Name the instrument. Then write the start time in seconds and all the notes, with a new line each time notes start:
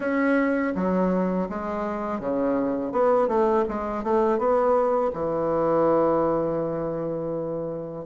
bassoon
0.00 C#4
0.75 F#3
1.49 G#3
2.20 C#3
2.92 B3
3.28 A3
3.68 G#3
4.03 A3
4.38 B3
5.13 E3